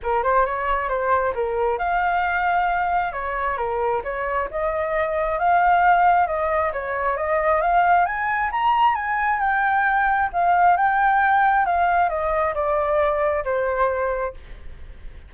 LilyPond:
\new Staff \with { instrumentName = "flute" } { \time 4/4 \tempo 4 = 134 ais'8 c''8 cis''4 c''4 ais'4 | f''2. cis''4 | ais'4 cis''4 dis''2 | f''2 dis''4 cis''4 |
dis''4 f''4 gis''4 ais''4 | gis''4 g''2 f''4 | g''2 f''4 dis''4 | d''2 c''2 | }